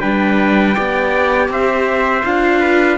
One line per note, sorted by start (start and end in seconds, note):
0.00 0.76 G3
0.00 0.74 D4
0.00 0.75 B4
0.00 1.48 G5
0.74 1.49 B3
0.74 2.23 G4
0.74 1.49 D5
1.49 2.23 C4
1.49 2.60 C5
1.49 2.24 E5
2.24 2.98 D4
2.24 2.98 F4
2.24 2.98 F5
2.60 2.97 B4